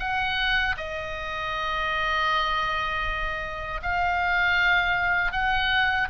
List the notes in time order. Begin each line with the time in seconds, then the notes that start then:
0.00 F#5
0.77 D#5
3.82 F5
5.32 F#5